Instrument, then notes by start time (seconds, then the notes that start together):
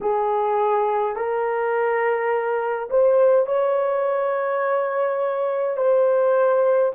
horn
0.00 G#4
1.15 A#4
2.90 C5
3.46 C#5
5.76 C5